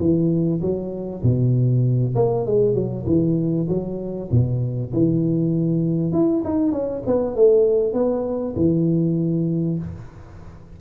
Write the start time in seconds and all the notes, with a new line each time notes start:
0.00 E3
0.62 F#3
1.23 B2
2.16 A#3
2.47 G#3
2.74 F#3
3.06 E3
3.69 F#3
4.32 B2
4.94 E3
6.13 E4
6.45 D#4
6.72 C#4
7.07 B3
7.36 A3
7.94 B3
8.56 E3